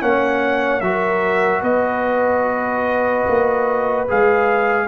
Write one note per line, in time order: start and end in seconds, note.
0.00 0.81 A#3
0.00 0.81 C#4
0.00 0.82 C#5
0.00 0.80 F#5
0.80 1.62 F#3
0.80 4.07 F#4
0.80 1.61 A#4
0.80 1.61 E5
1.61 3.24 B3
1.61 4.85 B4
1.61 4.06 D#5
3.27 4.08 A#3
4.08 4.88 G#3
4.08 4.88 G#4
4.08 4.88 F5